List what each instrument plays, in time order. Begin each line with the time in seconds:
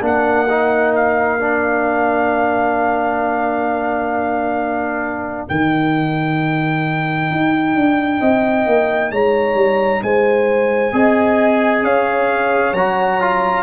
0.00 tuba A#3, trombone D4, horn A#4, trumpet F#5
0.49 trombone D#4
0.95 trumpet F5
1.40 trombone D4
5.48 tuba D#3, trombone D#4, trumpet G5
7.30 tuba D#4
7.74 tuba D4
8.20 tuba C4, horn D#5
8.66 tuba A#3
9.11 tuba G#3, horn C#5, trumpet A#5
9.54 tuba G3
10.02 tuba G#3, horn C5, trumpet G#5
10.92 tuba C4, trombone G#4, horn D#5
11.82 tuba C#4, horn C#5, trumpet F5
12.73 tuba F#3, trombone F#4, trumpet A#5
13.21 trombone F4